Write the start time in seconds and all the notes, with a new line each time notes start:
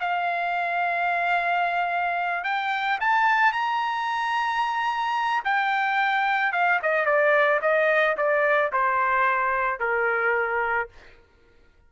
0.00 F5
2.44 G5
3.00 A5
3.52 A#5
5.44 G5
6.52 F5
6.82 D#5
7.05 D5
7.61 D#5
8.17 D5
8.72 C5
9.80 A#4